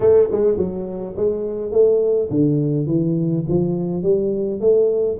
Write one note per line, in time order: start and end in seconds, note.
0.00 0.29 A3
0.31 0.57 G#3
0.57 1.14 F#3
1.16 1.71 G#3
1.71 2.29 A3
2.30 2.86 D3
2.86 3.44 E3
3.48 4.02 F3
4.02 4.60 G3
4.60 5.18 A3